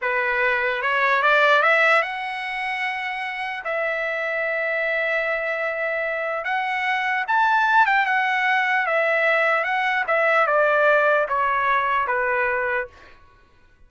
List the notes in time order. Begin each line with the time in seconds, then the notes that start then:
0.01 B4
0.82 C#5
1.22 D5
1.62 E5
2.02 F#5
3.64 E5
6.44 F#5
7.27 A5
7.86 G5
8.05 F#5
8.86 E5
9.64 F#5
10.07 E5
10.46 D5
11.28 C#5
12.07 B4